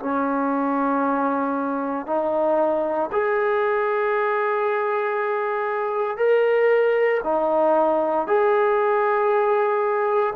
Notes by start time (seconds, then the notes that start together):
0.00 C#4
2.07 D#4
3.13 G#4
6.18 A#4
7.24 D#4
8.28 G#4